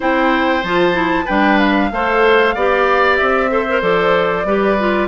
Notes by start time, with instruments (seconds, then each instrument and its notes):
0.00 bassoon C4, clarinet E4, oboe C5, flute G5
0.63 bassoon F3, clarinet F4, flute A5
0.92 clarinet E4
1.25 bassoon G3, clarinet D4, oboe B4, flute G5
1.59 flute F5
1.91 bassoon A3, clarinet A4, oboe C5
2.55 bassoon B3, clarinet G4, oboe D5
3.16 bassoon C4, flute E5
3.49 clarinet A4, oboe C5
3.69 clarinet A#4
3.81 bassoon F3, clarinet A4, flute D5
4.44 bassoon G3, clarinet G4, oboe B4
4.78 clarinet F4